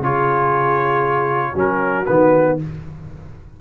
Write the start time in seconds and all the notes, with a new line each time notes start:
0.00 C#3 F4 G#4 C#5
1.52 F#3 C#4 F#4
1.59 A#4
2.06 D#3 B3 B4